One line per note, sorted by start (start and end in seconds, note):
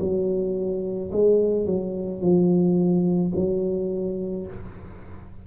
0.00 1.11 F#3
1.12 1.66 G#3
1.66 2.21 F#3
2.21 3.32 F3
3.35 4.46 F#3